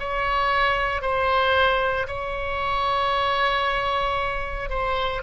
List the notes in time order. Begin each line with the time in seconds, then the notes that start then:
0.00 C#5
1.02 C5
2.07 C#5
4.70 C5